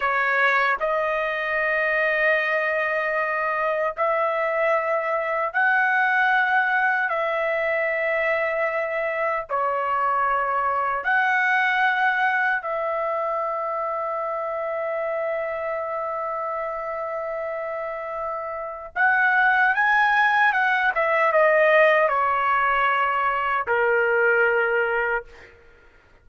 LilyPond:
\new Staff \with { instrumentName = "trumpet" } { \time 4/4 \tempo 4 = 76 cis''4 dis''2.~ | dis''4 e''2 fis''4~ | fis''4 e''2. | cis''2 fis''2 |
e''1~ | e''1 | fis''4 gis''4 fis''8 e''8 dis''4 | cis''2 ais'2 | }